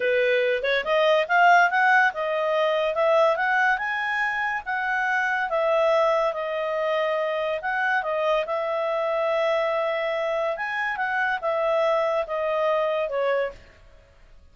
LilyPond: \new Staff \with { instrumentName = "clarinet" } { \time 4/4 \tempo 4 = 142 b'4. cis''8 dis''4 f''4 | fis''4 dis''2 e''4 | fis''4 gis''2 fis''4~ | fis''4 e''2 dis''4~ |
dis''2 fis''4 dis''4 | e''1~ | e''4 gis''4 fis''4 e''4~ | e''4 dis''2 cis''4 | }